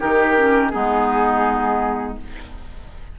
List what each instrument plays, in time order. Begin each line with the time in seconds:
0.00 bassoon D#3, clarinet D#4, oboe G4, flute A#4
0.37 clarinet C#4
0.71 bassoon G#3, clarinet B3, oboe D#4, flute G#4